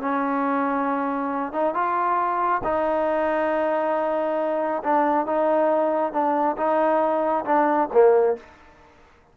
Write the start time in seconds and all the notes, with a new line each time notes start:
0.00 C#4
1.52 D#4
1.74 F4
2.63 D#4
4.83 D4
5.26 D#4
6.12 D4
6.57 D#4
7.45 D4
7.92 A#3